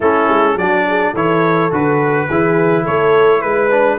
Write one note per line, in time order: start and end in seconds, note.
0.00 0.28 A3
0.00 0.58 C#4
0.00 0.56 E4
0.00 0.58 A4
0.28 0.55 G#3
0.55 1.12 F#3
0.55 1.15 D4
0.55 0.87 F#4
0.55 1.15 D5
0.88 1.12 G#4
1.12 1.70 E3
1.12 1.71 E4
1.12 2.26 A4
1.12 1.73 C#5
1.71 2.29 D3
1.71 2.28 F#4
1.71 2.86 B4
2.28 2.86 E3
2.28 3.70 E4
2.28 2.83 G#4
2.83 3.43 A3
2.83 3.40 A4
2.83 3.41 C#5
3.41 3.98 G#3
3.41 3.98 B4
3.70 3.98 D4